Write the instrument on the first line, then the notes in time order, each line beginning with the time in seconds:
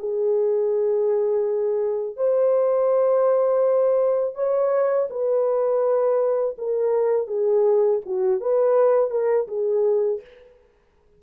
horn
0.00 G#4
2.17 C5
4.35 C#5
5.10 B4
6.59 A#4
7.28 G#4
8.06 F#4
8.41 B4
9.11 A#4
9.48 G#4